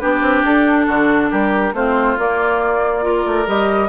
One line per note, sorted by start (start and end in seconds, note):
0.00 0.22 B3
0.00 1.74 D4
0.00 0.87 G4
0.00 0.43 B4
0.22 0.44 C4
0.44 0.88 D4
0.44 1.31 A4
0.87 1.32 D3
0.87 1.30 F#4
1.31 1.73 G3
1.31 1.74 G4
1.31 1.75 A#4
1.73 2.16 A3
1.73 2.18 C4
1.73 3.05 F4
1.73 2.19 C5
2.18 3.02 A#3
2.18 3.26 A#3
2.18 3.48 D5
3.02 3.45 F4
3.02 3.89 A#4
3.26 3.48 A3
3.46 3.89 G3
3.46 3.89 G4
3.46 3.89 D#5